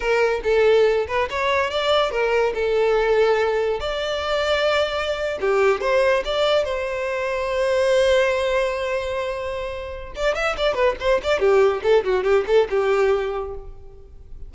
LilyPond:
\new Staff \with { instrumentName = "violin" } { \time 4/4 \tempo 4 = 142 ais'4 a'4. b'8 cis''4 | d''4 ais'4 a'2~ | a'4 d''2.~ | d''8. g'4 c''4 d''4 c''16~ |
c''1~ | c''1 | d''8 e''8 d''8 b'8 c''8 d''8 g'4 | a'8 fis'8 g'8 a'8 g'2 | }